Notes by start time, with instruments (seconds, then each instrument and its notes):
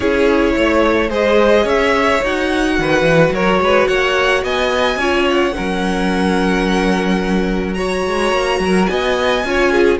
0.00 cello C#4, viola E4, violin G#4 C#5
0.55 cello A3, violin C#5
1.09 cello G#3, viola G#4, violin C5 D#5
1.63 cello C#4, violin C#5 E5
2.23 cello D#4, viola F#4, violin F#5
2.78 cello D#3, violin B4
3.01 cello E3
3.31 cello F#3, violin A#4 C#5
3.60 cello G#3, violin B4
3.87 cello A#3, violin C#5 F#5
4.43 cello B3, violin D#5 G#5
4.96 cello C#4, viola F4, violin C#5
5.30 violin F#5
5.53 cello F#3, viola C#4, violin A#4
7.74 viola F#4, violin C#5 A#5
8.07 cello G#3
8.31 cello A#3
8.59 cello F#3, violin A#4
8.86 cello B3, violin D#5 G#5
9.44 cello C#4, viola F4, violin C#5
9.71 violin G#4